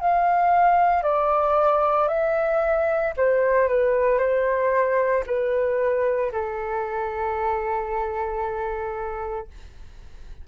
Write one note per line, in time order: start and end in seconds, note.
0.00 1.02 F5
1.02 2.08 D5
2.08 3.13 E5
3.16 3.68 C5
3.68 4.18 B4
4.18 5.23 C5
5.26 6.31 B4
6.32 9.47 A4